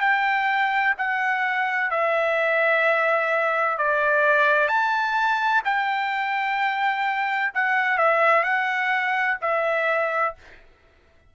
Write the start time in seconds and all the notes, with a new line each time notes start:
0.00 G5
0.98 F#5
1.90 E5
3.78 D5
4.68 A5
5.64 G5
7.54 F#5
7.97 E5
8.43 F#5
9.41 E5